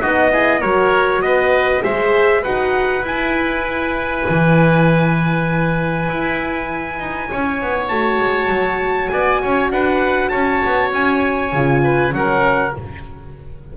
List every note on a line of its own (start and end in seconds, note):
0.00 0.63 B3
0.00 0.31 D#4
0.00 0.30 F#4
0.00 0.61 D#5
0.31 0.62 E4
0.31 0.60 G#4
0.60 1.21 F#3
0.60 1.83 F#4
0.60 1.21 A#4
0.60 1.21 C#5
1.21 1.82 B3
1.21 1.83 B4
1.21 1.82 D#5
1.82 2.45 G#3
1.82 2.44 G#4
1.82 2.42 C5
1.82 2.43 E5
2.42 3.02 D#4
2.42 3.04 F#4
2.42 7.27 B4
2.42 3.04 F#5
3.02 4.23 E4
3.02 7.88 E4
3.02 7.88 G#5
4.29 6.08 E3
6.08 6.99 E4
6.99 7.29 D#4
7.31 7.61 C#4
7.31 9.12 C#5
7.61 7.90 B3
7.88 8.18 A3
7.88 11.52 F#4
7.88 9.08 A5
8.18 8.48 G#3
8.49 9.09 F#3
9.08 9.42 B3
9.08 9.41 D5
9.08 9.68 G#5
9.41 9.70 C#4
9.41 9.71 C#5
9.70 10.31 D4
9.70 10.30 B4
9.70 10.28 F#5
10.28 10.63 C#4
10.28 11.82 C#5
10.28 10.89 A5
10.64 10.92 B3
10.92 11.52 C#4
10.92 12.13 G#5
11.52 12.12 C#3
11.52 12.12 F4
11.83 12.13 B4
12.12 12.73 F#3
12.12 12.73 C#4
12.12 12.77 A#4
12.12 12.74 F#5